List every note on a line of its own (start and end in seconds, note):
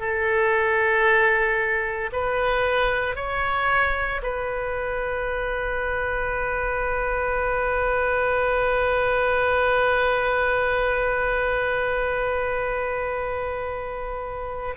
0.00 2.11 A4
2.13 3.16 B4
3.16 4.22 C#5
4.23 14.76 B4